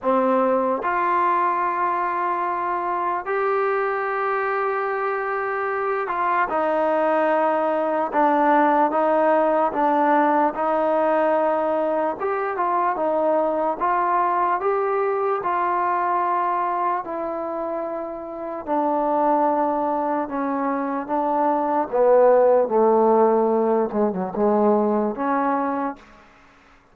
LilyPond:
\new Staff \with { instrumentName = "trombone" } { \time 4/4 \tempo 4 = 74 c'4 f'2. | g'2.~ g'8 f'8 | dis'2 d'4 dis'4 | d'4 dis'2 g'8 f'8 |
dis'4 f'4 g'4 f'4~ | f'4 e'2 d'4~ | d'4 cis'4 d'4 b4 | a4. gis16 fis16 gis4 cis'4 | }